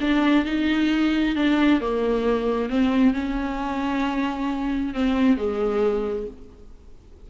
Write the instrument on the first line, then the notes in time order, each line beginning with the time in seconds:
viola
0.00 D4
0.45 D#4
1.36 D4
1.80 A#3
2.69 C4
3.13 C#4
4.94 C4
5.37 G#3